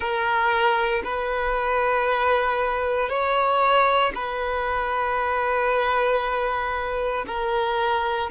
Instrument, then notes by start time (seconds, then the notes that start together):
violin
0.00 A#4
1.03 B4
3.08 C#5
4.14 B4
7.27 A#4